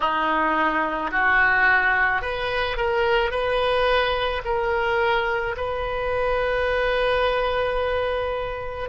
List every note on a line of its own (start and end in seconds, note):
0.00 1.11 D#4
1.11 2.21 F#4
2.21 2.76 B4
2.76 3.30 A#4
3.30 4.41 B4
4.44 5.56 A#4
5.56 8.89 B4